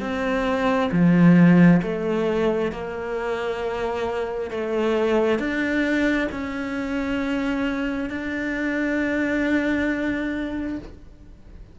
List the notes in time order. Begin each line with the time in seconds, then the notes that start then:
0.00 C4
0.92 F3
1.82 A3
2.72 A#3
4.51 A3
5.39 D4
6.31 C#4
8.10 D4